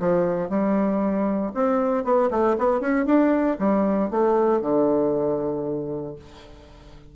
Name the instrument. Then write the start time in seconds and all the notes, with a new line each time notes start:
bassoon
0.00 F3
0.50 G3
1.55 C4
2.04 B3
2.31 A3
2.58 B3
2.81 C#4
3.06 D4
3.59 G3
4.11 A3
4.62 D3